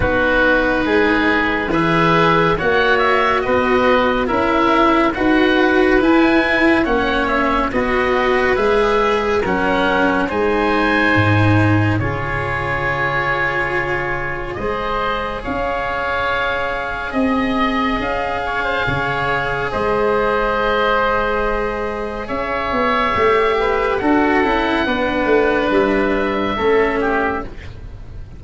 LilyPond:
<<
  \new Staff \with { instrumentName = "oboe" } { \time 4/4 \tempo 4 = 70 b'2 e''4 fis''8 e''8 | dis''4 e''4 fis''4 gis''4 | fis''8 e''8 dis''4 e''4 fis''4 | gis''2 cis''2~ |
cis''4 dis''4 f''2 | dis''4 f''2 dis''4~ | dis''2 e''2 | fis''2 e''2 | }
  \new Staff \with { instrumentName = "oboe" } { \time 4/4 fis'4 gis'4 b'4 cis''4 | b'4 ais'4 b'2 | cis''4 b'2 ais'4 | c''2 gis'2~ |
gis'4 c''4 cis''2 | dis''4. cis''16 c''16 cis''4 c''4~ | c''2 cis''4. b'8 | a'4 b'2 a'8 g'8 | }
  \new Staff \with { instrumentName = "cello" } { \time 4/4 dis'2 gis'4 fis'4~ | fis'4 e'4 fis'4 e'4 | cis'4 fis'4 gis'4 cis'4 | dis'2 f'2~ |
f'4 gis'2.~ | gis'1~ | gis'2. g'4 | fis'8 e'8 d'2 cis'4 | }
  \new Staff \with { instrumentName = "tuba" } { \time 4/4 b4 gis4 e4 ais4 | b4 cis'4 dis'4 e'4 | ais4 b4 gis4 fis4 | gis4 gis,4 cis2~ |
cis4 gis4 cis'2 | c'4 cis'4 cis4 gis4~ | gis2 cis'8 b8 a4 | d'8 cis'8 b8 a8 g4 a4 | }
>>